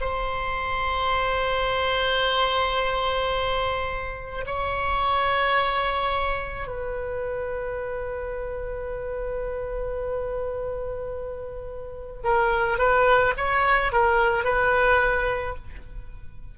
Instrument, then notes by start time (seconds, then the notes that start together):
oboe
0.00 C5
4.45 C#5
6.67 B4
12.23 A#4
12.78 B4
13.36 C#5
13.92 A#4
14.44 B4